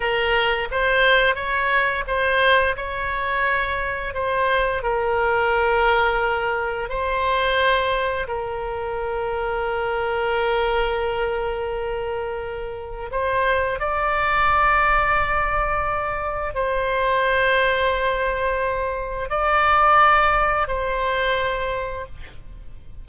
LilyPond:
\new Staff \with { instrumentName = "oboe" } { \time 4/4 \tempo 4 = 87 ais'4 c''4 cis''4 c''4 | cis''2 c''4 ais'4~ | ais'2 c''2 | ais'1~ |
ais'2. c''4 | d''1 | c''1 | d''2 c''2 | }